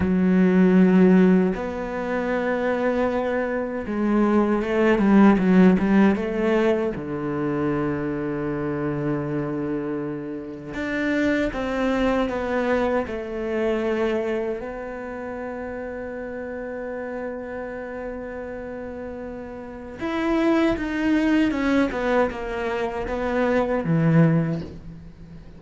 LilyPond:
\new Staff \with { instrumentName = "cello" } { \time 4/4 \tempo 4 = 78 fis2 b2~ | b4 gis4 a8 g8 fis8 g8 | a4 d2.~ | d2 d'4 c'4 |
b4 a2 b4~ | b1~ | b2 e'4 dis'4 | cis'8 b8 ais4 b4 e4 | }